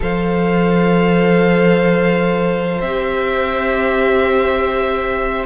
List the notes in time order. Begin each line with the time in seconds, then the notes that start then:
0.00 F3 A4 C5 F5
2.81 C4 G4 E5